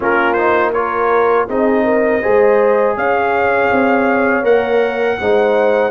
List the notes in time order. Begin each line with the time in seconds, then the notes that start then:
0.00 A#3 C#4 F4 A#4
0.33 D#4 C5
0.72 F4 A#4 C#5
1.47 C4 D#4 G#4 D#5
1.84 A#4
2.21 G#3 G#4 C5
2.96 C#4 C#5 F5
3.71 C4
4.43 A#3 A#4 F#5
5.20 G#3 D#4 C5